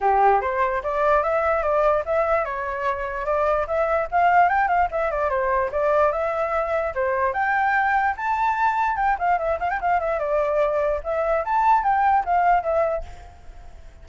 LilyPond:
\new Staff \with { instrumentName = "flute" } { \time 4/4 \tempo 4 = 147 g'4 c''4 d''4 e''4 | d''4 e''4 cis''2 | d''4 e''4 f''4 g''8 f''8 | e''8 d''8 c''4 d''4 e''4~ |
e''4 c''4 g''2 | a''2 g''8 f''8 e''8 f''16 g''16 | f''8 e''8 d''2 e''4 | a''4 g''4 f''4 e''4 | }